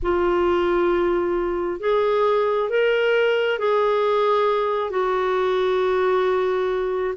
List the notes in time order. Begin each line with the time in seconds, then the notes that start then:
0.02 F4
1.80 G#4
2.69 A#4
3.59 G#4
4.90 F#4